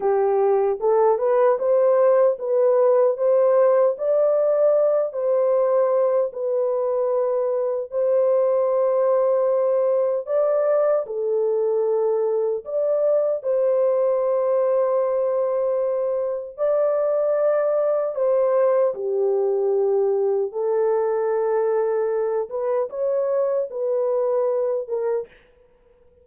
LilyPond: \new Staff \with { instrumentName = "horn" } { \time 4/4 \tempo 4 = 76 g'4 a'8 b'8 c''4 b'4 | c''4 d''4. c''4. | b'2 c''2~ | c''4 d''4 a'2 |
d''4 c''2.~ | c''4 d''2 c''4 | g'2 a'2~ | a'8 b'8 cis''4 b'4. ais'8 | }